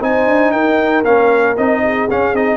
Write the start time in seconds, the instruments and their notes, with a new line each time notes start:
0.00 tuba C4, trombone D#4, horn C5, trumpet G#5
0.26 tuba D4
0.51 tuba D#4, horn A#4, trumpet G5
1.04 tuba A#3, trombone C#4, trumpet F5
1.57 tuba C4, trombone D#4, trumpet D#5
1.83 horn G#4
2.10 trombone C#4, tuba C#4, trumpet F5
2.32 tuba C4, trombone D#4, trumpet D#5